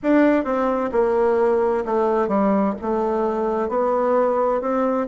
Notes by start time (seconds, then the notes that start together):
0.03 D4
0.44 C4
0.92 A#3
1.85 A3
2.27 G3
2.81 A3
3.68 B3
4.61 C4